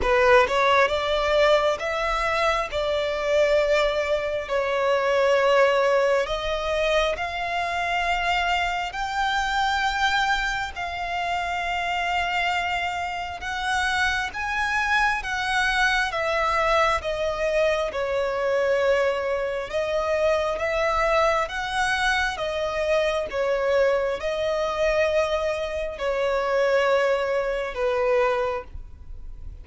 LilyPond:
\new Staff \with { instrumentName = "violin" } { \time 4/4 \tempo 4 = 67 b'8 cis''8 d''4 e''4 d''4~ | d''4 cis''2 dis''4 | f''2 g''2 | f''2. fis''4 |
gis''4 fis''4 e''4 dis''4 | cis''2 dis''4 e''4 | fis''4 dis''4 cis''4 dis''4~ | dis''4 cis''2 b'4 | }